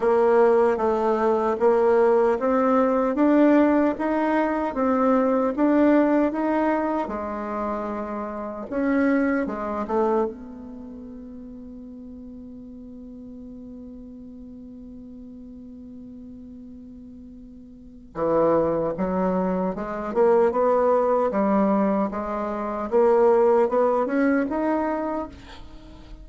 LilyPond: \new Staff \with { instrumentName = "bassoon" } { \time 4/4 \tempo 4 = 76 ais4 a4 ais4 c'4 | d'4 dis'4 c'4 d'4 | dis'4 gis2 cis'4 | gis8 a8 b2.~ |
b1~ | b2. e4 | fis4 gis8 ais8 b4 g4 | gis4 ais4 b8 cis'8 dis'4 | }